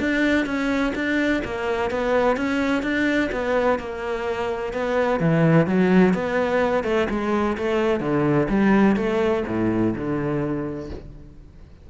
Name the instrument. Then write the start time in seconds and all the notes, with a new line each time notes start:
cello
0.00 D4
0.46 C#4
0.95 D4
1.45 A#3
1.91 B3
2.37 C#4
2.83 D4
3.32 B3
3.79 A#3
4.73 B3
5.20 E3
5.67 F#3
6.14 B3
6.84 A3
7.10 G#3
7.58 A3
8.01 D3
8.49 G3
8.96 A3
9.48 A2
9.96 D3